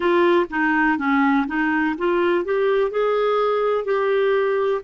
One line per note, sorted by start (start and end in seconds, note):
0.00 0.46 F4
0.50 0.98 D#4
0.98 1.46 C#4
1.47 1.95 D#4
1.98 2.45 F4
2.45 2.90 G4
2.90 3.84 G#4
3.84 4.81 G4